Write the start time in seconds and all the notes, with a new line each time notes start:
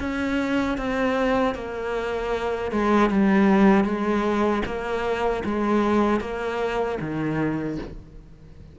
0.00 C#4
0.78 C4
1.55 A#3
2.72 G#3
3.10 G3
3.85 G#3
4.66 A#3
5.45 G#3
6.21 A#3
7.01 D#3